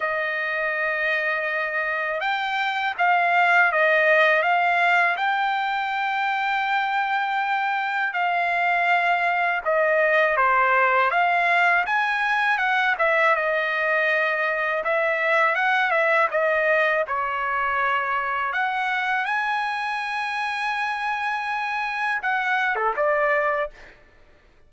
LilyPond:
\new Staff \with { instrumentName = "trumpet" } { \time 4/4 \tempo 4 = 81 dis''2. g''4 | f''4 dis''4 f''4 g''4~ | g''2. f''4~ | f''4 dis''4 c''4 f''4 |
gis''4 fis''8 e''8 dis''2 | e''4 fis''8 e''8 dis''4 cis''4~ | cis''4 fis''4 gis''2~ | gis''2 fis''8. a'16 d''4 | }